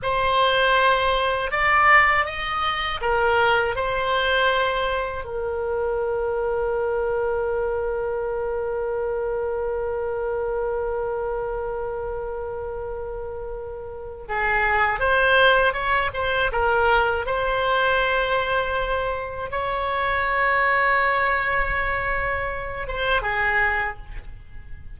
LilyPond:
\new Staff \with { instrumentName = "oboe" } { \time 4/4 \tempo 4 = 80 c''2 d''4 dis''4 | ais'4 c''2 ais'4~ | ais'1~ | ais'1~ |
ais'2. gis'4 | c''4 cis''8 c''8 ais'4 c''4~ | c''2 cis''2~ | cis''2~ cis''8 c''8 gis'4 | }